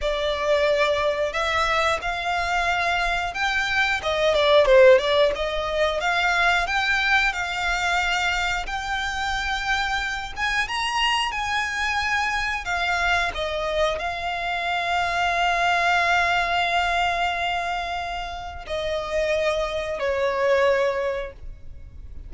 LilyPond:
\new Staff \with { instrumentName = "violin" } { \time 4/4 \tempo 4 = 90 d''2 e''4 f''4~ | f''4 g''4 dis''8 d''8 c''8 d''8 | dis''4 f''4 g''4 f''4~ | f''4 g''2~ g''8 gis''8 |
ais''4 gis''2 f''4 | dis''4 f''2.~ | f''1 | dis''2 cis''2 | }